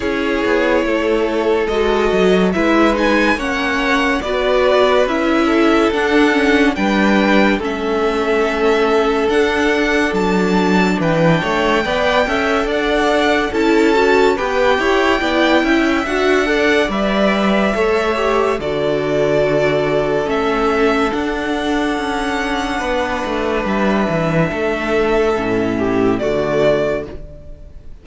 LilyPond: <<
  \new Staff \with { instrumentName = "violin" } { \time 4/4 \tempo 4 = 71 cis''2 dis''4 e''8 gis''8 | fis''4 d''4 e''4 fis''4 | g''4 e''2 fis''4 | a''4 g''2 fis''4 |
a''4 g''2 fis''4 | e''2 d''2 | e''4 fis''2. | e''2. d''4 | }
  \new Staff \with { instrumentName = "violin" } { \time 4/4 gis'4 a'2 b'4 | cis''4 b'4. a'4. | b'4 a'2.~ | a'4 b'8 cis''8 d''8 e''8 d''4 |
a'4 b'8 cis''8 d''8 e''4 d''8~ | d''4 cis''4 a'2~ | a'2. b'4~ | b'4 a'4. g'8 fis'4 | }
  \new Staff \with { instrumentName = "viola" } { \time 4/4 e'2 fis'4 e'8 dis'8 | cis'4 fis'4 e'4 d'8 cis'8 | d'4 cis'2 d'4~ | d'2 b'8 a'4. |
e'8 fis'8 g'4 e'4 fis'8 a'8 | b'4 a'8 g'8 fis'2 | cis'4 d'2.~ | d'2 cis'4 a4 | }
  \new Staff \with { instrumentName = "cello" } { \time 4/4 cis'8 b8 a4 gis8 fis8 gis4 | ais4 b4 cis'4 d'4 | g4 a2 d'4 | fis4 e8 a8 b8 cis'8 d'4 |
cis'4 b8 e'8 b8 cis'8 d'4 | g4 a4 d2 | a4 d'4 cis'4 b8 a8 | g8 e8 a4 a,4 d4 | }
>>